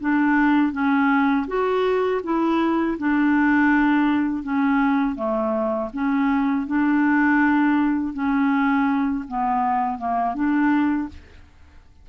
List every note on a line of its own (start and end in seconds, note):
0.00 0.72 D4
0.72 1.46 C#4
1.47 2.21 F#4
2.23 2.97 E4
2.98 4.43 D4
4.43 5.15 C#4
5.15 5.89 A3
5.93 6.66 C#4
6.66 8.13 D4
8.13 9.24 C#4
9.28 9.98 B3
9.98 10.34 A#3
10.34 11.08 D4